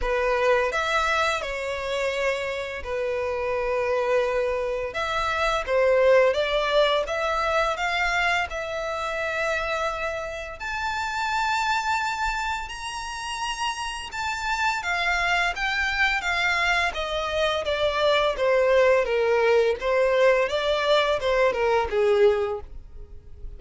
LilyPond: \new Staff \with { instrumentName = "violin" } { \time 4/4 \tempo 4 = 85 b'4 e''4 cis''2 | b'2. e''4 | c''4 d''4 e''4 f''4 | e''2. a''4~ |
a''2 ais''2 | a''4 f''4 g''4 f''4 | dis''4 d''4 c''4 ais'4 | c''4 d''4 c''8 ais'8 gis'4 | }